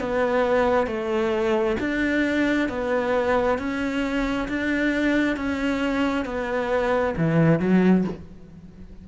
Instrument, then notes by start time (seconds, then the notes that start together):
cello
0.00 B3
0.87 A3
1.80 D4
2.69 B3
3.58 C#4
4.48 D4
5.36 C#4
6.25 B3
7.17 E3
7.59 F#3